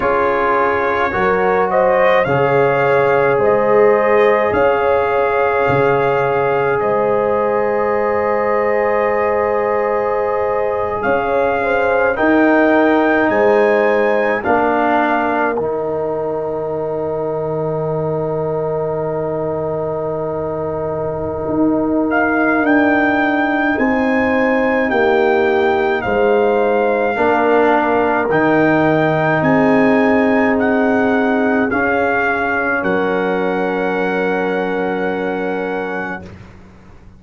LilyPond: <<
  \new Staff \with { instrumentName = "trumpet" } { \time 4/4 \tempo 4 = 53 cis''4. dis''8 f''4 dis''4 | f''2 dis''2~ | dis''4.~ dis''16 f''4 g''4 gis''16~ | gis''8. f''4 g''2~ g''16~ |
g''2.~ g''8 f''8 | g''4 gis''4 g''4 f''4~ | f''4 g''4 gis''4 fis''4 | f''4 fis''2. | }
  \new Staff \with { instrumentName = "horn" } { \time 4/4 gis'4 ais'8 c''8 cis''4 c''4 | cis''2 c''2~ | c''4.~ c''16 cis''8 c''8 ais'4 c''16~ | c''8. ais'2.~ ais'16~ |
ais'1~ | ais'4 c''4 g'4 c''4 | ais'2 gis'2~ | gis'4 ais'2. | }
  \new Staff \with { instrumentName = "trombone" } { \time 4/4 f'4 fis'4 gis'2~ | gis'1~ | gis'2~ gis'8. dis'4~ dis'16~ | dis'8. d'4 dis'2~ dis'16~ |
dis'1~ | dis'1 | d'4 dis'2. | cis'1 | }
  \new Staff \with { instrumentName = "tuba" } { \time 4/4 cis'4 fis4 cis4 gis4 | cis'4 cis4 gis2~ | gis4.~ gis16 cis'4 dis'4 gis16~ | gis8. ais4 dis2~ dis16~ |
dis2. dis'4 | d'4 c'4 ais4 gis4 | ais4 dis4 c'2 | cis'4 fis2. | }
>>